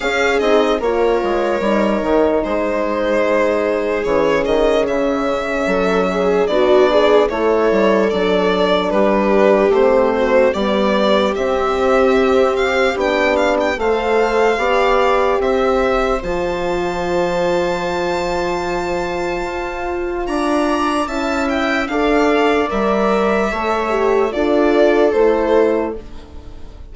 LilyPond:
<<
  \new Staff \with { instrumentName = "violin" } { \time 4/4 \tempo 4 = 74 f''8 dis''8 cis''2 c''4~ | c''4 cis''8 dis''8 e''2 | d''4 cis''4 d''4 b'4 | c''4 d''4 e''4. f''8 |
g''8 f''16 g''16 f''2 e''4 | a''1~ | a''4 ais''4 a''8 g''8 f''4 | e''2 d''4 c''4 | }
  \new Staff \with { instrumentName = "viola" } { \time 4/4 gis'4 ais'2 gis'4~ | gis'2. a'8 gis'8 | fis'8 gis'8 a'2 g'4~ | g'8 fis'8 g'2.~ |
g'4 c''4 d''4 c''4~ | c''1~ | c''4 d''4 e''4 d''4~ | d''4 cis''4 a'2 | }
  \new Staff \with { instrumentName = "horn" } { \time 4/4 cis'8 dis'8 f'4 dis'2~ | dis'4 cis'2. | d'4 e'4 d'2 | c'4 b4 c'2 |
d'4 a'4 g'2 | f'1~ | f'2 e'4 a'4 | ais'4 a'8 g'8 f'4 e'4 | }
  \new Staff \with { instrumentName = "bassoon" } { \time 4/4 cis'8 c'8 ais8 gis8 g8 dis8 gis4~ | gis4 e8 dis8 cis4 fis4 | b4 a8 g8 fis4 g4 | a4 g4 c'2 |
b4 a4 b4 c'4 | f1 | f'4 d'4 cis'4 d'4 | g4 a4 d'4 a4 | }
>>